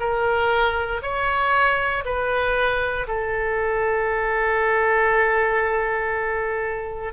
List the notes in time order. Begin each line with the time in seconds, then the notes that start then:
0.00 A#4
1.03 C#5
2.06 B4
3.08 A4